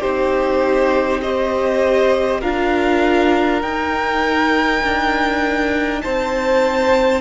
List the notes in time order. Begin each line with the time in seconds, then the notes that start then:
0.00 C4 D#4 G4 C5
1.21 G4 C5 D#5
2.41 D4 F4 A#4 F5
3.62 D#4 G5
4.83 D4
6.01 C4 C5 A5